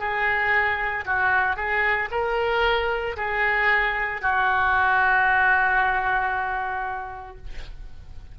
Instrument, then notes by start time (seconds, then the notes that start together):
oboe
0.00 G#4
1.06 F#4
1.56 G#4
2.11 A#4
3.17 G#4
4.22 F#4